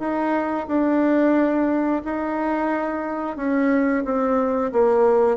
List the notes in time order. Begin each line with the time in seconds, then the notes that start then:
0.00 D#4
0.68 D4
2.05 D#4
3.37 C#4
4.05 C4
4.73 A#3